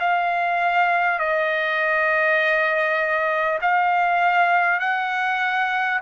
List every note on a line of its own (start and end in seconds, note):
0.00 1.19 F5
1.19 3.59 D#5
3.62 4.79 F5
4.79 5.99 F#5